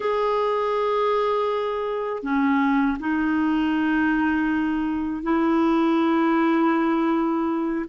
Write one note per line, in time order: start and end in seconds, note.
0.00 2.22 G#4
2.22 2.97 C#4
2.99 5.22 D#4
5.22 7.85 E4